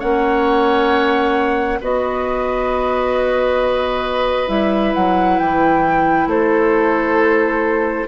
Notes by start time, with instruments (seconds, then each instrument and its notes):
0.00 bassoon A#3, clarinet C#4, oboe C#5, flute F#5
1.81 bassoon B3, clarinet F#4, oboe B4, flute D#5
4.48 bassoon G3, clarinet E4, flute E5
4.95 bassoon F#3, flute F#5
5.39 bassoon E3, flute G5
6.27 bassoon A3, oboe A4, flute C5